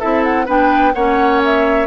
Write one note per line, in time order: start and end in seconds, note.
0.00 0.48 C4
0.00 0.47 E4
0.00 0.46 A4
0.00 0.23 E5
0.24 0.47 F#5
0.46 0.95 B3
0.46 0.94 D4
0.46 0.93 B4
0.46 0.95 G5
0.95 1.87 A#3
0.95 1.87 C#4
0.95 1.87 C#5
0.95 1.42 F#5
1.45 1.87 E5